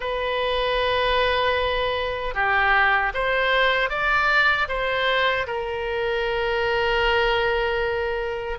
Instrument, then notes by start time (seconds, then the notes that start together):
oboe
0.00 B4
2.34 G4
3.14 C5
3.89 D5
4.68 C5
5.46 A#4